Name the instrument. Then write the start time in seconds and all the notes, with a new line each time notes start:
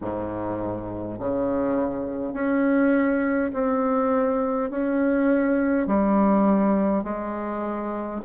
bassoon
0.01 G#2
1.19 C#3
2.33 C#4
3.53 C4
4.70 C#4
5.87 G3
7.03 G#3